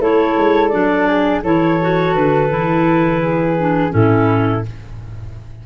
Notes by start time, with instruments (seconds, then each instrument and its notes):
0.00 tuba A3, clarinet E4 C#5, flute A4
0.38 tuba G#3
0.69 tuba F#3, clarinet D4 D5
1.08 flute G#4
1.44 tuba E3, clarinet E4 C#5, flute A4
1.81 clarinet F#4
2.15 tuba D3, clarinet B4
2.50 tuba E3, clarinet E4
3.22 flute G#4
3.60 clarinet D4
3.90 tuba A2, clarinet C#4 A4, flute E4